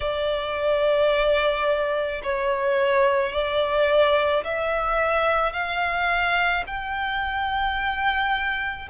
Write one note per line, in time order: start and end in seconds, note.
0.00 2.21 D5
2.23 3.32 C#5
3.32 4.43 D5
4.44 5.53 E5
5.53 6.64 F5
6.66 8.88 G5